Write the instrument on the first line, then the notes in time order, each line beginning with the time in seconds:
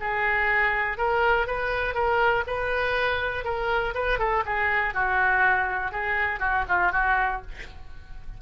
oboe
0.00 G#4
0.98 A#4
1.47 B4
1.95 A#4
2.47 B4
3.45 A#4
3.94 B4
4.19 A4
4.46 G#4
4.94 F#4
5.92 G#4
6.40 F#4
6.69 F4
6.92 F#4